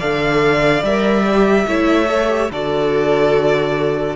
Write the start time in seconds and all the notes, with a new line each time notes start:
0.00 D3 A4 D5 F5
0.83 G3 A#4 E5
1.24 G4
1.67 A3 E4 C#5
2.07 A4
2.30 G4
2.51 D3 F#4 A4 D5